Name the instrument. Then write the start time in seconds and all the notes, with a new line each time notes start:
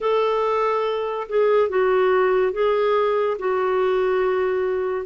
clarinet
0.00 A4
1.29 G#4
1.69 F#4
2.52 G#4
3.38 F#4